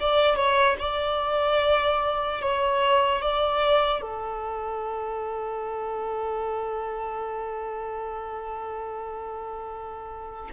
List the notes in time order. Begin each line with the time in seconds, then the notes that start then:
0.00 D5
0.36 C#5
0.79 D5
2.41 C#5
3.21 D5
4.01 A4